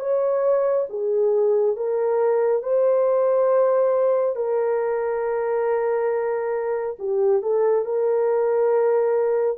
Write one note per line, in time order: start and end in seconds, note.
0.00 0.87 C#5
0.90 1.77 G#4
1.77 2.63 A#4
2.63 4.36 C5
4.36 6.97 A#4
6.99 7.43 G4
7.43 7.85 A4
7.85 9.58 A#4